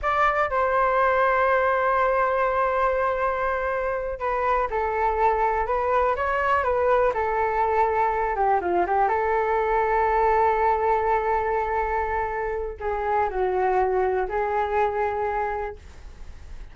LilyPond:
\new Staff \with { instrumentName = "flute" } { \time 4/4 \tempo 4 = 122 d''4 c''2.~ | c''1~ | c''8 b'4 a'2 b'8~ | b'8 cis''4 b'4 a'4.~ |
a'4 g'8 f'8 g'8 a'4.~ | a'1~ | a'2 gis'4 fis'4~ | fis'4 gis'2. | }